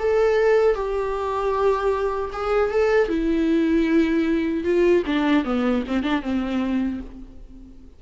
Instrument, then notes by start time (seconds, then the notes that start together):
viola
0.00 A4
0.75 G4
2.33 G#4
2.71 A4
3.09 E4
4.65 F4
5.06 D4
5.45 B3
5.88 C4
6.03 D4
6.23 C4